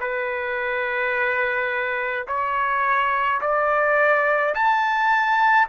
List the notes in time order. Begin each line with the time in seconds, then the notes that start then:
0.00 B4
2.27 C#5
3.41 D5
4.54 A5